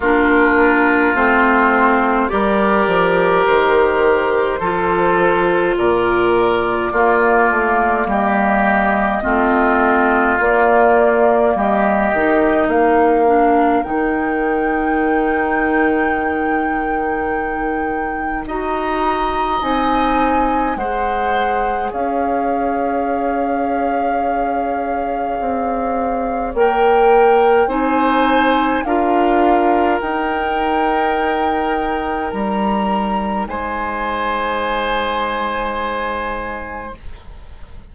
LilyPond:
<<
  \new Staff \with { instrumentName = "flute" } { \time 4/4 \tempo 4 = 52 ais'4 c''4 d''4 c''4~ | c''4 d''2 dis''4~ | dis''4 d''4 dis''4 f''4 | g''1 |
ais''4 gis''4 fis''4 f''4~ | f''2. g''4 | gis''4 f''4 g''2 | ais''4 gis''2. | }
  \new Staff \with { instrumentName = "oboe" } { \time 4/4 f'2 ais'2 | a'4 ais'4 f'4 g'4 | f'2 g'4 ais'4~ | ais'1 |
dis''2 c''4 cis''4~ | cis''1 | c''4 ais'2.~ | ais'4 c''2. | }
  \new Staff \with { instrumentName = "clarinet" } { \time 4/4 d'4 c'4 g'2 | f'2 ais2 | c'4 ais4. dis'4 d'8 | dis'1 |
fis'4 dis'4 gis'2~ | gis'2. ais'4 | dis'4 f'4 dis'2~ | dis'1 | }
  \new Staff \with { instrumentName = "bassoon" } { \time 4/4 ais4 a4 g8 f8 dis4 | f4 ais,4 ais8 a8 g4 | a4 ais4 g8 dis8 ais4 | dis1 |
dis'4 c'4 gis4 cis'4~ | cis'2 c'4 ais4 | c'4 d'4 dis'2 | g4 gis2. | }
>>